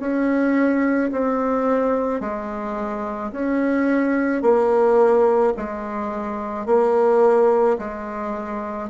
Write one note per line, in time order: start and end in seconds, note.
0.00 1.11 C#4
1.12 2.21 C4
2.21 3.32 G#3
3.32 4.42 C#4
4.42 5.54 A#3
5.57 6.67 G#3
6.67 7.78 A#3
7.79 8.90 G#3